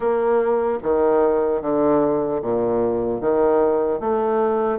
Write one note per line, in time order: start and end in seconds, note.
0.00 0.78 A#3
0.82 1.61 D#3
1.61 2.41 D3
2.42 3.20 A#2
3.20 4.00 D#3
4.00 4.79 A3